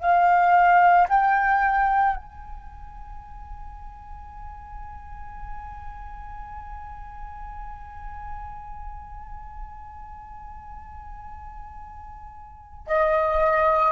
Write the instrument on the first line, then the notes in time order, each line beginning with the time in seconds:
flute
0.00 F5
1.09 G5
2.16 G#5
12.87 D#5